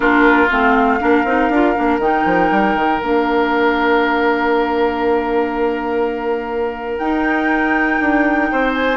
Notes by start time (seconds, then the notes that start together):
0.00 A#3 D4 F4 A#4
0.50 A3 C4 F5
1.00 A#3 D4 A#4
1.25 C4 D#4
1.49 D4 F4
1.74 A#3 D4
1.98 D#3 D#4 G5
2.25 F3
2.50 G3
2.75 D#3
3.01 A#3 D4 F5
6.97 D#4 G5
8.00 D4
8.51 C4 C5
8.73 G#5